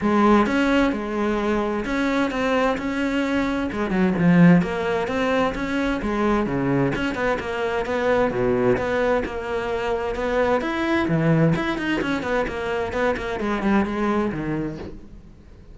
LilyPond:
\new Staff \with { instrumentName = "cello" } { \time 4/4 \tempo 4 = 130 gis4 cis'4 gis2 | cis'4 c'4 cis'2 | gis8 fis8 f4 ais4 c'4 | cis'4 gis4 cis4 cis'8 b8 |
ais4 b4 b,4 b4 | ais2 b4 e'4 | e4 e'8 dis'8 cis'8 b8 ais4 | b8 ais8 gis8 g8 gis4 dis4 | }